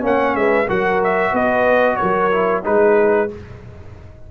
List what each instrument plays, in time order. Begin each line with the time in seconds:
0.00 tuba A#3, trombone C#4, horn C#5, trumpet F#5
0.35 tuba G#3, horn B4, trumpet E5
0.67 tuba F#3, trombone F#4, horn A#4, trumpet F#5
1.03 trumpet E5
1.31 tuba B3, horn B4, trumpet D#5
1.96 horn A#4, trumpet C#5
2.02 tuba F#3
2.31 trombone E4
2.63 tuba G#3, trombone D#4, horn G#4, trumpet B4